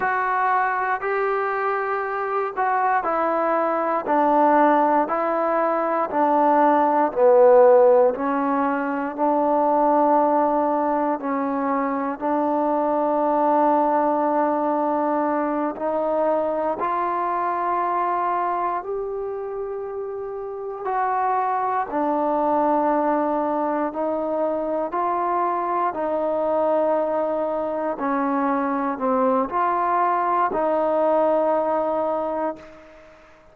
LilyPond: \new Staff \with { instrumentName = "trombone" } { \time 4/4 \tempo 4 = 59 fis'4 g'4. fis'8 e'4 | d'4 e'4 d'4 b4 | cis'4 d'2 cis'4 | d'2.~ d'8 dis'8~ |
dis'8 f'2 g'4.~ | g'8 fis'4 d'2 dis'8~ | dis'8 f'4 dis'2 cis'8~ | cis'8 c'8 f'4 dis'2 | }